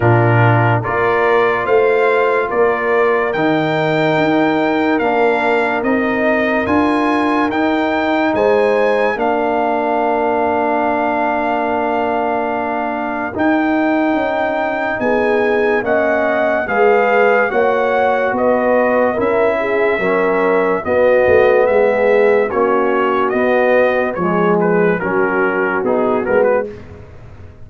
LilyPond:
<<
  \new Staff \with { instrumentName = "trumpet" } { \time 4/4 \tempo 4 = 72 ais'4 d''4 f''4 d''4 | g''2 f''4 dis''4 | gis''4 g''4 gis''4 f''4~ | f''1 |
g''2 gis''4 fis''4 | f''4 fis''4 dis''4 e''4~ | e''4 dis''4 e''4 cis''4 | dis''4 cis''8 b'8 ais'4 gis'8 ais'16 b'16 | }
  \new Staff \with { instrumentName = "horn" } { \time 4/4 f'4 ais'4 c''4 ais'4~ | ais'1~ | ais'2 c''4 ais'4~ | ais'1~ |
ais'2 gis'4 dis''4 | b'4 cis''4 b'4 ais'8 gis'8 | ais'4 fis'4 gis'4 fis'4~ | fis'4 gis'4 fis'2 | }
  \new Staff \with { instrumentName = "trombone" } { \time 4/4 d'4 f'2. | dis'2 d'4 dis'4 | f'4 dis'2 d'4~ | d'1 |
dis'2. cis'4 | gis'4 fis'2 e'4 | cis'4 b2 cis'4 | b4 gis4 cis'4 dis'8 b8 | }
  \new Staff \with { instrumentName = "tuba" } { \time 4/4 ais,4 ais4 a4 ais4 | dis4 dis'4 ais4 c'4 | d'4 dis'4 gis4 ais4~ | ais1 |
dis'4 cis'4 b4 ais4 | gis4 ais4 b4 cis'4 | fis4 b8 a8 gis4 ais4 | b4 f4 fis4 b8 gis8 | }
>>